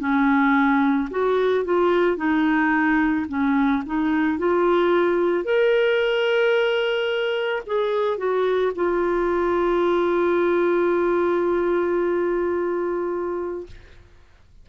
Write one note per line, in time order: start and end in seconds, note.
0.00 1.09 C#4
1.11 1.65 F#4
1.65 2.17 F4
2.17 3.26 D#4
3.29 3.83 C#4
3.86 4.39 D#4
4.39 5.44 F4
5.44 7.63 A#4
7.67 8.18 G#4
8.18 8.72 F#4
8.76 13.67 F4